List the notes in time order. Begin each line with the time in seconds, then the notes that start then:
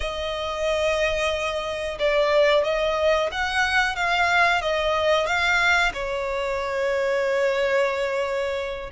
0.00 D#5
1.99 D5
2.64 D#5
3.31 F#5
3.95 F5
4.61 D#5
5.26 F5
5.93 C#5